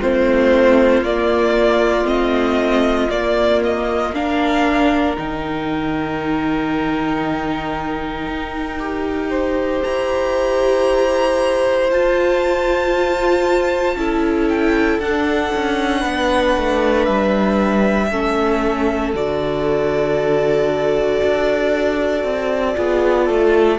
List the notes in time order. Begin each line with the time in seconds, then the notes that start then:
0.00 A3 C4 F4 C5
1.02 A#3 D5
2.05 A3 C4 D#5
3.10 A#3 D5
3.64 D#5
4.14 D4 A#4 F5
5.16 D#3 D#4 G5
8.27 D#4
8.79 G4
9.30 C5
9.83 E4 A#5
11.91 F4 A5
13.95 C#4 E4 A4
14.49 G5
14.99 D4 F#5
15.55 C#4
16.00 B3 B4
16.57 A3
17.05 G3 E5
18.11 A3 C#4 A4
19.14 D3 F#4 D5
21.23 D4
22.24 C4
22.75 B3 F4 G#4
23.25 A3 A4